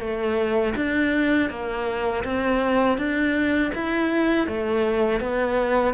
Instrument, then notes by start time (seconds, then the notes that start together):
cello
0.00 A3
0.75 D4
1.49 A#3
2.24 C4
2.97 D4
3.74 E4
4.47 A3
5.20 B3